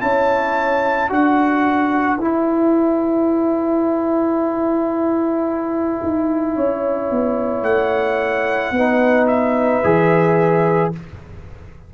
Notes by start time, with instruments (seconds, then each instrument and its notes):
0.00 tuba C#4, trombone E4, horn C#5, trumpet A5
1.09 tuba D4, trombone F#4, horn B4, trumpet F#5
2.18 tuba E4, trombone E4, trumpet G#5
6.02 tuba D#4
6.56 tuba C#4, horn C#5
7.11 tuba B3
7.62 tuba A3, trumpet F#5
8.71 tuba B3, trombone D#4, horn B4
9.27 trumpet E5
9.84 tuba E3, trombone G#4